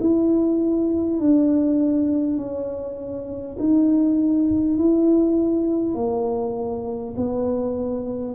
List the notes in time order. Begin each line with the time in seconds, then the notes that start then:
0.00 E4
1.19 D4
2.37 C#4
3.59 D#4
4.78 E4
5.94 A#3
7.16 B3